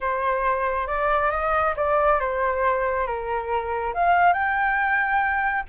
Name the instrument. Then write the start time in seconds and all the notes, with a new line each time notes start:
flute
0.00 C5
0.87 D5
1.30 D#5
1.76 D5
2.20 C5
3.07 A#4
3.94 F5
4.33 G5